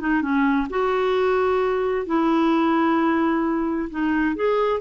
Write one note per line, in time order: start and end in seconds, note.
0.00 0.21 D#4
0.21 0.67 C#4
0.70 2.06 F#4
2.06 3.89 E4
3.90 4.35 D#4
4.35 4.80 G#4